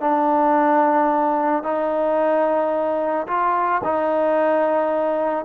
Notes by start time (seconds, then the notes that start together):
0.00 D4
1.63 D#4
3.27 F4
3.84 D#4